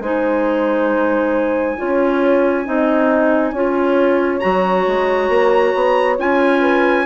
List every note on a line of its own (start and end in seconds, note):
0.00 1.76 G#3
0.00 1.78 D#4
0.00 1.78 C5
0.00 4.40 G#5
1.78 2.68 C#4
1.78 2.65 F4
1.78 2.67 C#5
2.65 3.53 C4
2.65 3.54 D#4
2.65 3.53 D#5
3.53 4.41 C#4
3.53 4.40 F4
3.53 6.61 C#5
4.40 4.87 F#3
4.40 6.17 F#4
4.40 6.17 A#5
4.87 5.29 G#3
5.29 5.74 A#3
5.75 6.19 B3
6.18 7.06 C#4
6.18 7.06 F4
6.18 7.06 G#5
6.61 7.05 B4